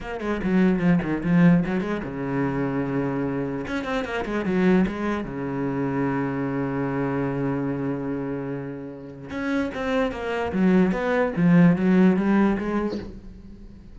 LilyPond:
\new Staff \with { instrumentName = "cello" } { \time 4/4 \tempo 4 = 148 ais8 gis8 fis4 f8 dis8 f4 | fis8 gis8 cis2.~ | cis4 cis'8 c'8 ais8 gis8 fis4 | gis4 cis2.~ |
cis1~ | cis2. cis'4 | c'4 ais4 fis4 b4 | f4 fis4 g4 gis4 | }